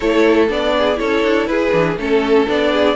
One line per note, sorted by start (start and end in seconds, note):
0.00 0.49 A3
0.00 0.48 E4
0.00 0.74 A4
0.00 0.46 C#5
0.48 0.99 B3
0.48 0.95 D4
0.48 0.98 D5
0.77 0.99 G#4
0.95 1.23 C#4
0.95 1.69 E4
0.95 1.49 A4
0.95 1.46 C#5
1.23 1.47 D4
1.46 1.71 E4
1.46 1.99 G#4
1.46 1.96 B4
1.72 1.96 E3
1.72 1.96 D4
1.96 2.46 A3
1.96 2.46 C#4
1.96 2.49 A4
1.96 2.72 A4
2.46 2.96 B3
2.46 2.95 D4
2.46 2.96 D5
2.72 2.96 G#4